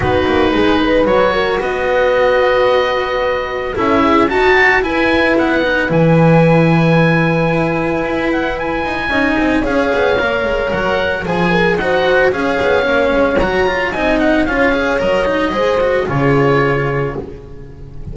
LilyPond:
<<
  \new Staff \with { instrumentName = "oboe" } { \time 4/4 \tempo 4 = 112 b'2 cis''4 dis''4~ | dis''2. e''4 | a''4 gis''4 fis''4 gis''4~ | gis''2.~ gis''8 fis''8 |
gis''2 f''2 | fis''4 gis''4 fis''4 f''4~ | f''4 ais''4 gis''8 fis''8 f''4 | dis''2 cis''2 | }
  \new Staff \with { instrumentName = "horn" } { \time 4/4 fis'4 gis'8 b'4 ais'8 b'4~ | b'2. a'8 gis'8 | fis'4 b'2.~ | b'1~ |
b'4 dis''4 cis''2~ | cis''4 c''8 ais'8 c''4 cis''4~ | cis''2 dis''4 cis''4~ | cis''4 c''4 gis'2 | }
  \new Staff \with { instrumentName = "cello" } { \time 4/4 dis'2 fis'2~ | fis'2. e'4 | fis'4 e'4. dis'8 e'4~ | e'1~ |
e'4 dis'4 gis'4 ais'4~ | ais'4 gis'4 fis'4 gis'4 | cis'4 fis'8 f'8 dis'4 f'8 gis'8 | ais'8 dis'8 gis'8 fis'8 f'2 | }
  \new Staff \with { instrumentName = "double bass" } { \time 4/4 b8 ais8 gis4 fis4 b4~ | b2. cis'4 | dis'4 e'4 b4 e4~ | e2. e'4~ |
e'8 dis'8 cis'8 c'8 cis'8 b8 ais8 gis8 | fis4 f4 dis'4 cis'8 b8 | ais8 gis8 fis4 c'4 cis'4 | fis4 gis4 cis2 | }
>>